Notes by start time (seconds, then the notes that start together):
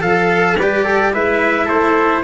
0.00 F3 A4 F5
0.58 G3 G4 B4 D5
0.84 A4
1.13 G#3 E4 B4 E5
1.65 A3 A4 C5